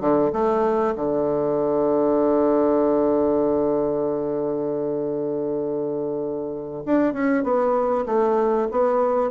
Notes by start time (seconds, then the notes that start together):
0.00 D3
0.33 A3
0.96 D3
6.85 D4
7.13 C#4
7.43 B3
8.06 A3
8.71 B3